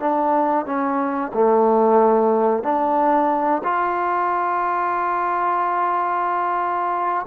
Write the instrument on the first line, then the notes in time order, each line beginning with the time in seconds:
trombone
0.00 D4
0.66 C#4
1.34 A3
2.63 D4
3.64 F4